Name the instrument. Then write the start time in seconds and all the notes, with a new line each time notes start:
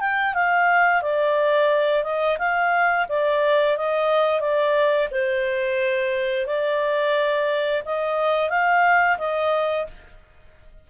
clarinet
0.00 G5
0.34 F5
1.02 D5
2.04 D#5
2.38 F5
3.09 D5
3.77 D#5
4.40 D5
5.11 C5
6.46 D5
7.86 D#5
8.50 F5
9.18 D#5